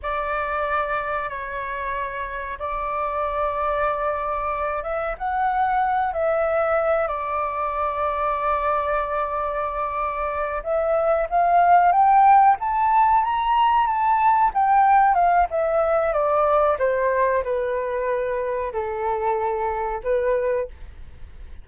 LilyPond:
\new Staff \with { instrumentName = "flute" } { \time 4/4 \tempo 4 = 93 d''2 cis''2 | d''2.~ d''8 e''8 | fis''4. e''4. d''4~ | d''1~ |
d''8 e''4 f''4 g''4 a''8~ | a''8 ais''4 a''4 g''4 f''8 | e''4 d''4 c''4 b'4~ | b'4 a'2 b'4 | }